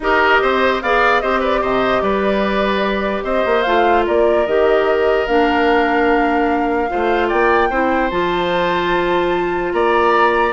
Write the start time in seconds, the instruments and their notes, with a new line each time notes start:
0.00 bassoon D#4, clarinet G4, oboe A#4, flute D#5
0.42 bassoon C4, oboe C5
0.81 bassoon B3, clarinet G#4, oboe D5, flute F5
1.20 bassoon C4, clarinet G4, oboe C5, flute D#5
1.40 oboe B4, flute D5
1.61 bassoon C3, oboe C5, flute D#5
2.01 bassoon G3, oboe B4, flute D5
3.23 bassoon C4, oboe C5, flute D#5
3.45 bassoon A#3
3.62 bassoon A3, clarinet F4, flute F5
4.06 bassoon A#3, oboe A#4, flute D5
4.46 bassoon D#3, clarinet G4, flute D#5
5.26 bassoon A#3, clarinet D4, flute F5
6.89 bassoon A3, clarinet F4, oboe C5
7.27 bassoon A#3, oboe D5, flute G5
7.70 bassoon C4, clarinet E4, oboe C5
8.10 bassoon F3, clarinet F4, flute A5
9.72 bassoon A#3, oboe D5, flute A#5